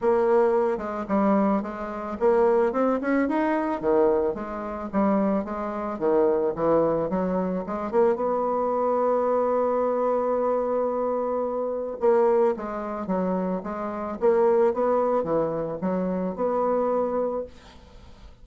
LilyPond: \new Staff \with { instrumentName = "bassoon" } { \time 4/4 \tempo 4 = 110 ais4. gis8 g4 gis4 | ais4 c'8 cis'8 dis'4 dis4 | gis4 g4 gis4 dis4 | e4 fis4 gis8 ais8 b4~ |
b1~ | b2 ais4 gis4 | fis4 gis4 ais4 b4 | e4 fis4 b2 | }